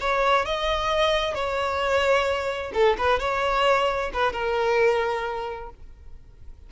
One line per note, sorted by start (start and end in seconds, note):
0.00 0.45 C#5
0.45 1.34 D#5
1.34 2.72 C#5
2.74 2.97 A4
2.98 3.19 B4
3.19 4.11 C#5
4.13 4.32 B4
4.32 5.70 A#4